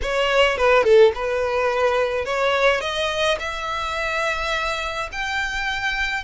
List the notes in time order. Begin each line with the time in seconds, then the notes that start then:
0.02 C#5
0.57 B4
0.83 A4
1.14 B4
2.25 C#5
2.80 D#5
3.39 E5
5.11 G5